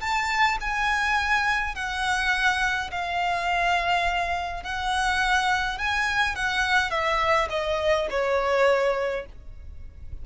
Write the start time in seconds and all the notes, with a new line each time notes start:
0.00 A5
0.60 G#5
1.75 F#5
2.91 F5
4.63 F#5
5.78 G#5
6.35 F#5
6.90 E5
7.50 D#5
8.10 C#5